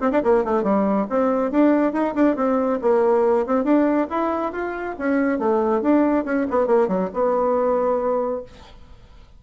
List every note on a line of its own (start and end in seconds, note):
0.00 0.11 C4
0.11 0.22 D4
0.23 0.44 A#3
0.44 0.63 A3
0.63 1.06 G3
1.09 1.51 C4
1.51 1.92 D4
1.92 2.14 D#4
2.15 2.35 D4
2.35 2.79 C4
2.81 3.46 A#3
3.46 3.64 C4
3.64 4.07 D4
4.10 4.52 E4
4.52 4.95 F4
4.98 5.38 C#4
5.38 5.81 A3
5.81 6.24 D4
6.24 6.46 C#4
6.50 6.67 B3
6.67 6.88 A#3
6.88 7.09 F#3
7.13 8.43 B3